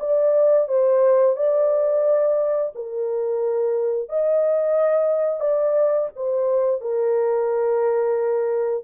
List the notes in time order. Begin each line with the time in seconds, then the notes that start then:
0.00 D5
0.68 C5
1.36 D5
2.75 A#4
4.09 D#5
5.40 D5
6.16 C5
6.81 A#4